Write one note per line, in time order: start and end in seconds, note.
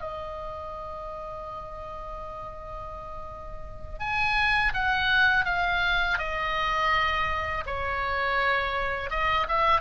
0.00 3.99 D#5
3.99 4.72 G#5
4.74 5.45 F#5
5.45 6.18 F5
6.18 7.64 D#5
7.66 9.10 C#5
9.10 9.46 D#5
9.48 9.80 E5